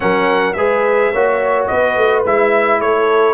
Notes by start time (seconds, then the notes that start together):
0.00 F#3 C#4 A#4 F#5
0.53 G#3 G#4 B4 E5
1.12 A#3 F#4 C#5
1.66 B3 B4 D#5
1.96 A3
2.25 G#3 E4 E5
2.79 A3 A4 C#5